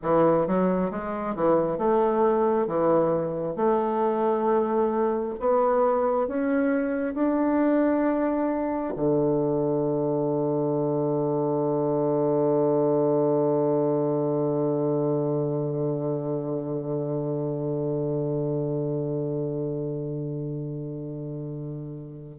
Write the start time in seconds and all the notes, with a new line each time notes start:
0.02 E3
0.47 F#3
0.90 G#3
1.35 E3
1.77 A3
2.67 E3
3.55 A3
5.39 B3
6.27 C#4
7.14 D4
8.96 D3